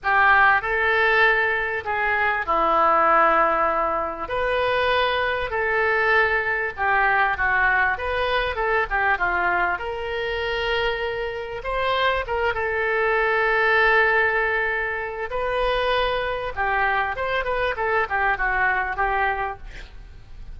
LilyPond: \new Staff \with { instrumentName = "oboe" } { \time 4/4 \tempo 4 = 98 g'4 a'2 gis'4 | e'2. b'4~ | b'4 a'2 g'4 | fis'4 b'4 a'8 g'8 f'4 |
ais'2. c''4 | ais'8 a'2.~ a'8~ | a'4 b'2 g'4 | c''8 b'8 a'8 g'8 fis'4 g'4 | }